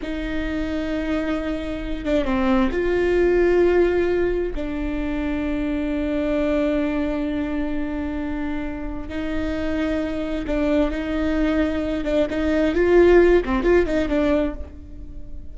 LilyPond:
\new Staff \with { instrumentName = "viola" } { \time 4/4 \tempo 4 = 132 dis'1~ | dis'8 d'8 c'4 f'2~ | f'2 d'2~ | d'1~ |
d'1 | dis'2. d'4 | dis'2~ dis'8 d'8 dis'4 | f'4. c'8 f'8 dis'8 d'4 | }